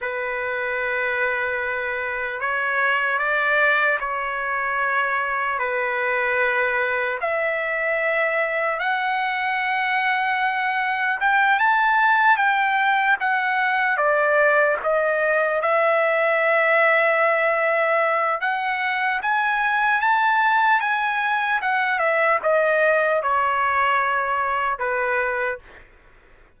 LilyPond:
\new Staff \with { instrumentName = "trumpet" } { \time 4/4 \tempo 4 = 75 b'2. cis''4 | d''4 cis''2 b'4~ | b'4 e''2 fis''4~ | fis''2 g''8 a''4 g''8~ |
g''8 fis''4 d''4 dis''4 e''8~ | e''2. fis''4 | gis''4 a''4 gis''4 fis''8 e''8 | dis''4 cis''2 b'4 | }